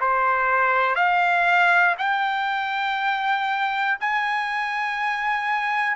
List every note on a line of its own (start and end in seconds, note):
0.00 0.95 C5
0.95 1.95 F5
1.98 3.98 G5
4.00 5.96 G#5